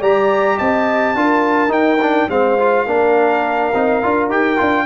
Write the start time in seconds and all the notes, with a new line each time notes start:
0.00 G3 G4 D5 A#5
0.57 C4 D#5 A5
1.15 D4 F4 A#4
1.69 D#4 G5
2.01 D4
2.29 G#3 C4 C5 F5
2.59 F4
2.87 A#3 D4 A#4
3.74 C4 D#4
4.03 D4 F4
4.29 D#4 G4 G5
4.57 D4 F4